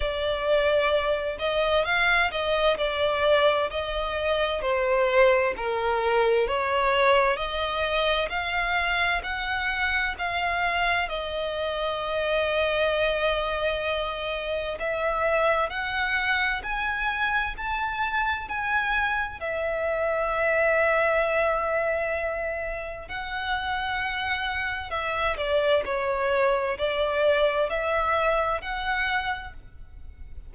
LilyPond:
\new Staff \with { instrumentName = "violin" } { \time 4/4 \tempo 4 = 65 d''4. dis''8 f''8 dis''8 d''4 | dis''4 c''4 ais'4 cis''4 | dis''4 f''4 fis''4 f''4 | dis''1 |
e''4 fis''4 gis''4 a''4 | gis''4 e''2.~ | e''4 fis''2 e''8 d''8 | cis''4 d''4 e''4 fis''4 | }